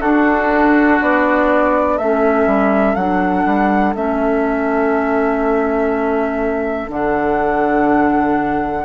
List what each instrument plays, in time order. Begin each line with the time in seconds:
0.00 bassoon D4, clarinet D4, oboe F#4, flute A4
1.01 bassoon B3, flute D5
1.96 bassoon A3, oboe A4, flute E5
2.02 clarinet C#4
2.46 bassoon G3
2.95 bassoon F#3, clarinet D4, flute F#5
3.45 bassoon G3
3.95 bassoon A3, clarinet C#4, flute E5
6.89 bassoon D3, clarinet D4, flute F#5